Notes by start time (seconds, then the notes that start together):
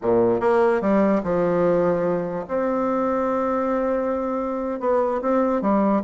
0.01 A#2
0.40 A#3
0.81 G3
1.23 F3
2.47 C4
4.80 B3
5.21 C4
5.61 G3